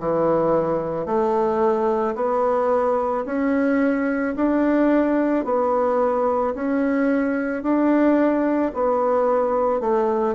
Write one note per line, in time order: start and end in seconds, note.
0.00 1.06 E3
1.06 2.15 A3
2.16 3.25 B3
3.26 4.35 C#4
4.36 5.45 D4
5.45 6.55 B3
6.55 7.63 C#4
7.63 8.72 D4
8.75 9.81 B3
9.81 10.35 A3